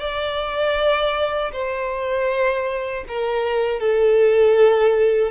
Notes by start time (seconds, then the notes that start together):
0.00 D5
1.53 C5
3.08 A#4
3.80 A4